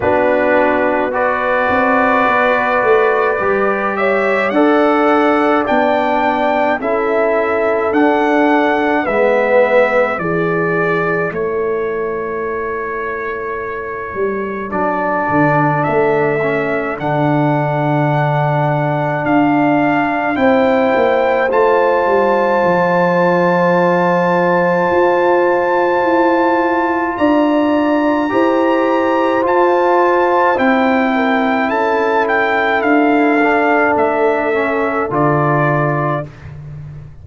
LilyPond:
<<
  \new Staff \with { instrumentName = "trumpet" } { \time 4/4 \tempo 4 = 53 b'4 d''2~ d''8 e''8 | fis''4 g''4 e''4 fis''4 | e''4 d''4 cis''2~ | cis''4 d''4 e''4 fis''4~ |
fis''4 f''4 g''4 a''4~ | a''1 | ais''2 a''4 g''4 | a''8 g''8 f''4 e''4 d''4 | }
  \new Staff \with { instrumentName = "horn" } { \time 4/4 fis'4 b'2~ b'8 cis''8 | d''2 a'2 | b'4 gis'4 a'2~ | a'1~ |
a'2 c''2~ | c''1 | d''4 c''2~ c''8 ais'8 | a'1 | }
  \new Staff \with { instrumentName = "trombone" } { \time 4/4 d'4 fis'2 g'4 | a'4 d'4 e'4 d'4 | b4 e'2.~ | e'4 d'4. cis'8 d'4~ |
d'2 e'4 f'4~ | f'1~ | f'4 g'4 f'4 e'4~ | e'4. d'4 cis'8 f'4 | }
  \new Staff \with { instrumentName = "tuba" } { \time 4/4 b4. c'8 b8 a8 g4 | d'4 b4 cis'4 d'4 | gis4 e4 a2~ | a8 g8 fis8 d8 a4 d4~ |
d4 d'4 c'8 ais8 a8 g8 | f2 f'4 e'4 | d'4 e'4 f'4 c'4 | cis'4 d'4 a4 d4 | }
>>